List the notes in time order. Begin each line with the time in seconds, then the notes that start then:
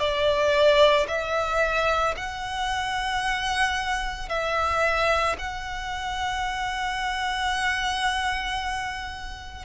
0.00 D5
1.08 E5
2.17 F#5
4.29 E5
5.39 F#5